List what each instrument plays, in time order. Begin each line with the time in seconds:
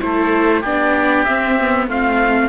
0.00 cello A3, viola E4, oboe A4, trumpet C5
0.61 cello B3, viola D4, oboe G4, trumpet D5
1.24 viola C4, cello C4, trumpet E5
1.60 viola B3
1.87 cello A3, viola C4, oboe F4, trumpet F5